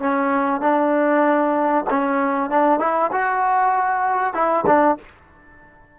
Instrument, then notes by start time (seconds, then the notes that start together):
trombone
0.00 C#4
0.61 D4
1.90 C#4
2.50 D4
2.80 E4
3.12 F#4
4.34 E4
4.67 D4